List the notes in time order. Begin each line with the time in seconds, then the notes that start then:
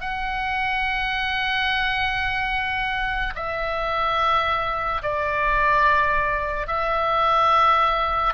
0.00 F#5
3.35 E5
5.02 D5
6.67 E5